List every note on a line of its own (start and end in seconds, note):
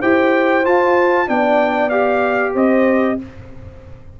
0.00 0.66 E4
0.00 0.64 G4
0.00 1.28 C5
0.00 0.65 G5
0.64 1.27 F4
0.64 1.28 F4
0.64 1.29 A5
1.27 2.55 B3
1.27 1.91 D4
1.27 2.54 D5
1.27 1.89 G5
1.89 3.18 G4
1.89 2.53 F5
2.54 3.19 C4
2.54 3.17 C5
2.54 3.20 D#5